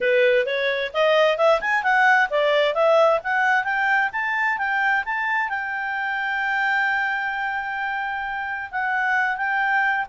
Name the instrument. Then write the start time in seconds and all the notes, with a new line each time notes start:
clarinet
0.00 B4
0.45 C#5
0.93 D#5
1.37 E5
1.60 G#5
1.83 F#5
2.30 D5
2.74 E5
3.23 F#5
3.64 G5
4.12 A5
4.58 G5
5.05 A5
5.49 G5
8.71 F#5
9.37 G5